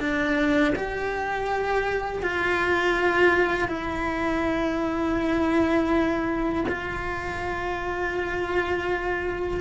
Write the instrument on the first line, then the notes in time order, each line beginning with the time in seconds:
cello
0.00 D4
0.76 G4
2.23 F4
3.68 E4
6.69 F4